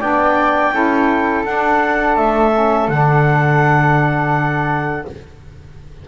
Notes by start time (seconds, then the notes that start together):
0.00 B3 D4 D5 G5
0.72 C#4 E4 A4
1.44 D4 F#5
2.16 A3 E5
2.53 C#4
2.88 D3 D4 F#5